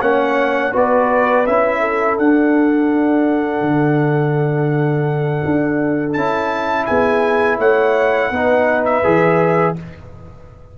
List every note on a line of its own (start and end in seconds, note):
0.00 0.73 A#3
0.00 0.72 C#4
0.00 0.72 C#5
0.00 0.73 F#5
0.72 1.47 B3
0.72 1.45 F#4
0.72 1.80 B4
0.72 1.46 D5
1.46 2.18 C#4
1.46 2.20 E4
1.46 2.18 E5
1.80 6.86 A4
2.18 3.61 D4
2.18 6.16 D4
2.18 6.13 F#5
3.61 5.41 D3
5.45 6.15 D4
6.13 6.87 C#4
6.13 8.33 E4
6.13 6.85 A5
6.86 7.58 B3
6.86 7.58 G#4
6.86 7.58 G#5
7.58 8.30 A3
7.58 8.30 C#5
7.58 8.85 F#5
8.30 9.02 B3
8.30 9.03 D#4
8.30 9.77 B4
8.85 9.75 E5
9.03 9.78 E3
9.03 9.75 G#4